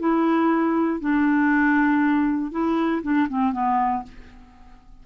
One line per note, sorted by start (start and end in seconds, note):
0.00 1.01 E4
1.01 2.52 D4
2.52 3.03 E4
3.03 3.28 D4
3.30 3.53 C4
3.53 4.03 B3